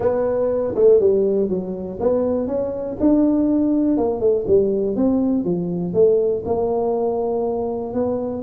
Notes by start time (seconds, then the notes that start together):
0.00 B3
0.75 A3
1.00 G3
1.49 F#3
1.99 B3
2.47 C#4
3.00 D4
3.97 A#3
4.20 A3
4.47 G3
4.96 C4
5.44 F3
5.93 A3
6.45 A#3
7.93 B3